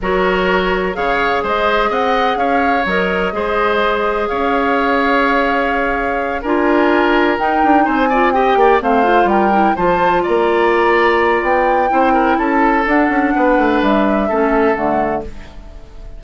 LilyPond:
<<
  \new Staff \with { instrumentName = "flute" } { \time 4/4 \tempo 4 = 126 cis''2 f''4 dis''4 | fis''4 f''4 dis''2~ | dis''4 f''2.~ | f''4. gis''2 g''8~ |
g''8 gis''4 g''4 f''4 g''8~ | g''8 a''4 ais''2~ ais''8 | g''2 a''4 fis''4~ | fis''4 e''2 fis''4 | }
  \new Staff \with { instrumentName = "oboe" } { \time 4/4 ais'2 cis''4 c''4 | dis''4 cis''2 c''4~ | c''4 cis''2.~ | cis''4. ais'2~ ais'8~ |
ais'8 c''8 d''8 dis''8 d''8 c''4 ais'8~ | ais'8 c''4 d''2~ d''8~ | d''4 c''8 ais'8 a'2 | b'2 a'2 | }
  \new Staff \with { instrumentName = "clarinet" } { \time 4/4 fis'2 gis'2~ | gis'2 ais'4 gis'4~ | gis'1~ | gis'4. f'2 dis'8~ |
dis'4 f'8 g'4 c'8 f'4 | e'8 f'2.~ f'8~ | f'4 e'2 d'4~ | d'2 cis'4 a4 | }
  \new Staff \with { instrumentName = "bassoon" } { \time 4/4 fis2 cis4 gis4 | c'4 cis'4 fis4 gis4~ | gis4 cis'2.~ | cis'4. d'2 dis'8 |
d'8 c'4. ais8 a4 g8~ | g8 f4 ais2~ ais8 | b4 c'4 cis'4 d'8 cis'8 | b8 a8 g4 a4 d4 | }
>>